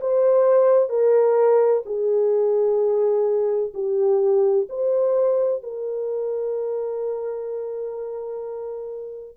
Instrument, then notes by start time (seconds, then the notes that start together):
horn
0.00 C5
0.89 A#4
1.85 G#4
3.74 G4
4.69 C5
5.62 A#4